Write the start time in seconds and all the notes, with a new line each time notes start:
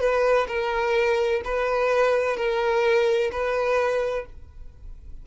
0.00 B4
0.48 A#4
1.44 B4
2.37 A#4
3.32 B4